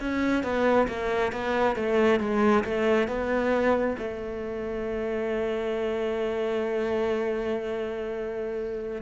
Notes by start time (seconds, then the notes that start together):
0.00 C#4
0.43 B3
0.88 A#3
1.32 B3
1.76 A3
2.20 G#3
2.64 A3
3.08 B3
3.98 A3